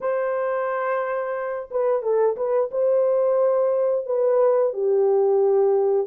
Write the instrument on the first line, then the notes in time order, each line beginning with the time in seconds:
horn
0.00 C5
1.70 B4
2.02 A4
2.36 B4
2.71 C5
4.06 B4
4.73 G4